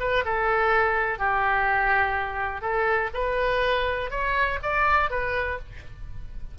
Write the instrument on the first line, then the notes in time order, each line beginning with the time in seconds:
oboe
0.00 B4
0.25 A4
1.19 G4
2.62 A4
3.14 B4
4.11 C#5
4.63 D5
5.10 B4